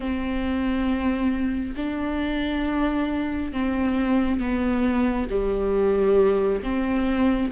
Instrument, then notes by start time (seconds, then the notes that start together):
viola
0.00 C4
1.76 D4
3.52 C4
4.40 B3
5.30 G3
6.62 C4